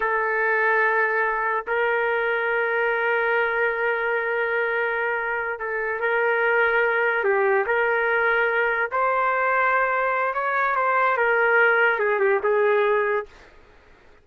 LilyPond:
\new Staff \with { instrumentName = "trumpet" } { \time 4/4 \tempo 4 = 145 a'1 | ais'1~ | ais'1~ | ais'4. a'4 ais'4.~ |
ais'4. g'4 ais'4.~ | ais'4. c''2~ c''8~ | c''4 cis''4 c''4 ais'4~ | ais'4 gis'8 g'8 gis'2 | }